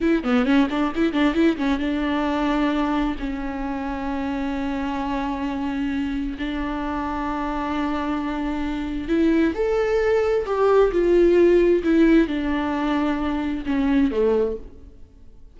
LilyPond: \new Staff \with { instrumentName = "viola" } { \time 4/4 \tempo 4 = 132 e'8 b8 cis'8 d'8 e'8 d'8 e'8 cis'8 | d'2. cis'4~ | cis'1~ | cis'2 d'2~ |
d'1 | e'4 a'2 g'4 | f'2 e'4 d'4~ | d'2 cis'4 a4 | }